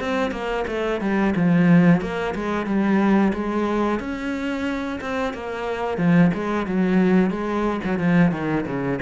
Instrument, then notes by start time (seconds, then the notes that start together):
cello
0.00 C4
0.31 A#3
0.67 A3
1.01 G3
1.36 F3
2.01 A#3
2.35 G#3
2.66 G3
3.33 G#3
4.00 C#4
5.01 C4
5.34 A#3
5.98 F3
6.34 G#3
6.66 F#3
7.30 G#3
7.84 F#3
7.98 F3
8.32 D#3
8.66 C#3